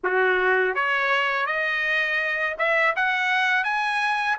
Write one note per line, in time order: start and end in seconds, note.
0.03 0.75 F#4
0.75 1.46 C#5
1.46 2.56 D#5
2.58 2.95 E5
2.95 3.64 F#5
3.64 4.37 G#5